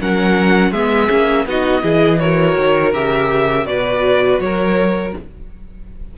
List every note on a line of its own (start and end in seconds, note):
0.00 0.72 F#3
0.00 0.73 C#4
0.00 0.71 A#4
0.00 0.72 F#5
0.71 1.08 G#3
0.71 1.08 B3
0.71 1.44 G#4
0.71 1.45 E5
1.08 1.45 A#3
1.08 1.45 C#4
1.45 1.82 B3
1.45 1.82 D#4
1.45 1.82 F#4
1.45 2.19 D#5
1.82 2.57 E3
1.82 2.18 E4
1.82 2.19 G#4
2.19 2.93 F#4
2.19 3.67 A#4
2.19 2.92 C#5
2.57 2.94 D#3
2.93 3.66 C#3
2.93 3.65 G4
2.93 3.66 E5
3.65 4.39 B2
3.65 5.11 F#4
3.65 4.43 B4
3.65 4.39 D5
4.40 5.13 F#3
4.40 5.18 A#4
4.40 5.13 C#5